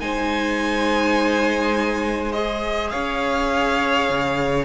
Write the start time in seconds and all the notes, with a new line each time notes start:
0.00 G#3 D#4 C5 G#5
2.32 G#4 D#5
2.90 C#4 C#5 F5
4.09 C#3